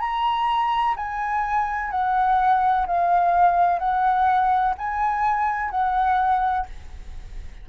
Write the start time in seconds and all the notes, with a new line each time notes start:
0.00 A#5
0.96 G#5
1.91 F#5
2.87 F5
3.79 F#5
4.78 G#5
5.71 F#5